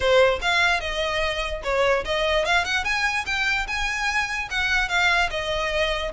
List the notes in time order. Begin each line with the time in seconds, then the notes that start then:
0.00 C5
0.41 F5
0.80 D#5
1.63 C#5
2.04 D#5
2.45 F5
2.65 F#5
2.84 G#5
3.26 G5
3.67 G#5
4.50 F#5
4.88 F5
5.30 D#5